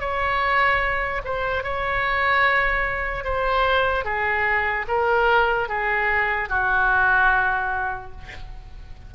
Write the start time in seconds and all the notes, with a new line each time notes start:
0.00 C#5
1.25 C5
1.64 C#5
3.24 C5
4.05 G#4
4.88 A#4
5.69 G#4
6.49 F#4